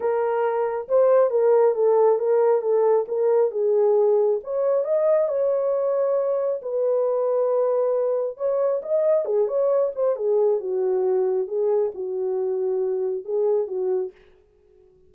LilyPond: \new Staff \with { instrumentName = "horn" } { \time 4/4 \tempo 4 = 136 ais'2 c''4 ais'4 | a'4 ais'4 a'4 ais'4 | gis'2 cis''4 dis''4 | cis''2. b'4~ |
b'2. cis''4 | dis''4 gis'8 cis''4 c''8 gis'4 | fis'2 gis'4 fis'4~ | fis'2 gis'4 fis'4 | }